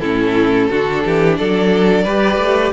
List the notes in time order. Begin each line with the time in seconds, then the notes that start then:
0.00 A2 C#4 E4 A4
0.70 D3 D4 F#4
1.04 E3 G4
1.37 F#3 A4 D5
2.04 G3 G4 B4
2.38 A3